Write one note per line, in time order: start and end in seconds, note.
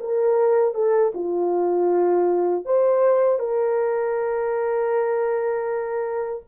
0.00 0.75 A#4
0.75 1.13 A4
1.15 2.65 F4
2.65 3.39 C5
3.39 6.43 A#4